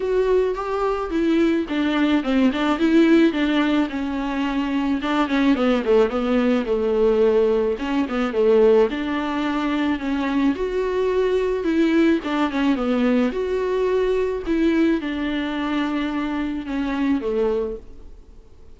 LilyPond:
\new Staff \with { instrumentName = "viola" } { \time 4/4 \tempo 4 = 108 fis'4 g'4 e'4 d'4 | c'8 d'8 e'4 d'4 cis'4~ | cis'4 d'8 cis'8 b8 a8 b4 | a2 cis'8 b8 a4 |
d'2 cis'4 fis'4~ | fis'4 e'4 d'8 cis'8 b4 | fis'2 e'4 d'4~ | d'2 cis'4 a4 | }